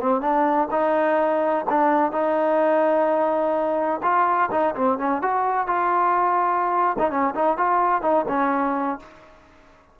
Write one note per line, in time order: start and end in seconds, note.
0.00 0.21 C4
0.21 0.68 D4
0.71 1.65 D#4
1.69 2.12 D4
2.12 4.01 D#4
4.02 4.49 F4
4.51 4.75 D#4
4.75 4.98 C4
4.98 5.21 C#4
5.21 5.66 F#4
5.66 6.96 F4
6.98 7.10 D#4
7.10 7.34 C#4
7.35 7.57 D#4
7.57 8.02 F4
8.02 8.25 D#4
8.28 8.99 C#4